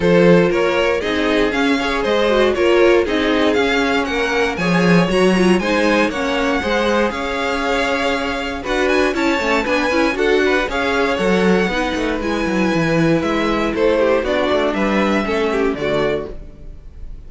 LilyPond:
<<
  \new Staff \with { instrumentName = "violin" } { \time 4/4 \tempo 4 = 118 c''4 cis''4 dis''4 f''4 | dis''4 cis''4 dis''4 f''4 | fis''4 gis''4 ais''4 gis''4 | fis''2 f''2~ |
f''4 fis''8 gis''8 a''4 gis''4 | fis''4 f''4 fis''2 | gis''2 e''4 c''4 | d''4 e''2 d''4 | }
  \new Staff \with { instrumentName = "violin" } { \time 4/4 a'4 ais'4 gis'4. cis''8 | c''4 ais'4 gis'2 | ais'4 cis''2 c''4 | cis''4 c''4 cis''2~ |
cis''4 b'4 cis''4 b'4 | a'8 b'8 cis''2 b'4~ | b'2. a'8 g'8 | fis'4 b'4 a'8 g'8 fis'4 | }
  \new Staff \with { instrumentName = "viola" } { \time 4/4 f'2 dis'4 cis'8 gis'8~ | gis'8 fis'8 f'4 dis'4 cis'4~ | cis'4 gis'4 fis'8 f'8 dis'4 | cis'4 gis'2.~ |
gis'4 fis'4 e'8 cis'8 d'8 e'8 | fis'4 gis'4 a'4 dis'4 | e'1 | d'2 cis'4 a4 | }
  \new Staff \with { instrumentName = "cello" } { \time 4/4 f4 ais4 c'4 cis'4 | gis4 ais4 c'4 cis'4 | ais4 f4 fis4 gis4 | ais4 gis4 cis'2~ |
cis'4 d'4 cis'8 a8 b8 cis'8 | d'4 cis'4 fis4 b8 a8 | gis8 fis8 e4 gis4 a4 | b8 a8 g4 a4 d4 | }
>>